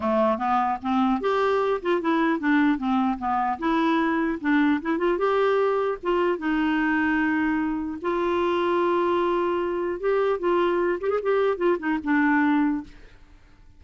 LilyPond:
\new Staff \with { instrumentName = "clarinet" } { \time 4/4 \tempo 4 = 150 a4 b4 c'4 g'4~ | g'8 f'8 e'4 d'4 c'4 | b4 e'2 d'4 | e'8 f'8 g'2 f'4 |
dis'1 | f'1~ | f'4 g'4 f'4. g'16 gis'16 | g'4 f'8 dis'8 d'2 | }